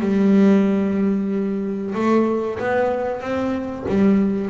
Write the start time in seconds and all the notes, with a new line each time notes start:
0.00 G3
1.94 A3
2.59 B3
3.20 C4
3.88 G3